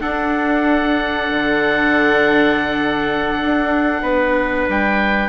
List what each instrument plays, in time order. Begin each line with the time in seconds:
0.00 viola D4, bassoon D4, trumpet A4, oboe F#5
1.30 bassoon D3
3.41 bassoon D4
4.02 bassoon B3, trumpet B4
4.68 bassoon G3, oboe G5